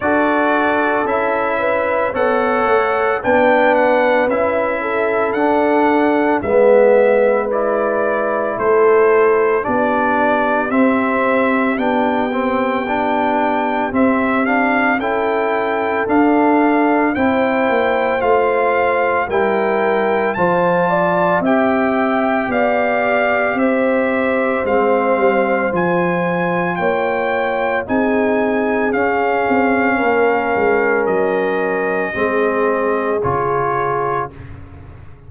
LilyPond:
<<
  \new Staff \with { instrumentName = "trumpet" } { \time 4/4 \tempo 4 = 56 d''4 e''4 fis''4 g''8 fis''8 | e''4 fis''4 e''4 d''4 | c''4 d''4 e''4 g''4~ | g''4 e''8 f''8 g''4 f''4 |
g''4 f''4 g''4 a''4 | g''4 f''4 e''4 f''4 | gis''4 g''4 gis''4 f''4~ | f''4 dis''2 cis''4 | }
  \new Staff \with { instrumentName = "horn" } { \time 4/4 a'4. b'8 cis''4 b'4~ | b'8 a'4. b'2 | a'4 g'2.~ | g'2 a'2 |
c''2 ais'4 c''8 d''8 | e''4 d''4 c''2~ | c''4 cis''4 gis'2 | ais'2 gis'2 | }
  \new Staff \with { instrumentName = "trombone" } { \time 4/4 fis'4 e'4 a'4 d'4 | e'4 d'4 b4 e'4~ | e'4 d'4 c'4 d'8 c'8 | d'4 c'8 d'8 e'4 d'4 |
e'4 f'4 e'4 f'4 | g'2. c'4 | f'2 dis'4 cis'4~ | cis'2 c'4 f'4 | }
  \new Staff \with { instrumentName = "tuba" } { \time 4/4 d'4 cis'4 b8 a8 b4 | cis'4 d'4 gis2 | a4 b4 c'4 b4~ | b4 c'4 cis'4 d'4 |
c'8 ais8 a4 g4 f4 | c'4 b4 c'4 gis8 g8 | f4 ais4 c'4 cis'8 c'8 | ais8 gis8 fis4 gis4 cis4 | }
>>